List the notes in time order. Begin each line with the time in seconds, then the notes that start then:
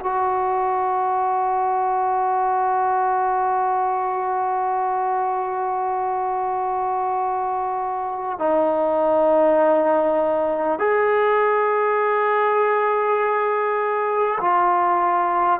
0.00 F#4
8.39 D#4
10.79 G#4
14.41 F4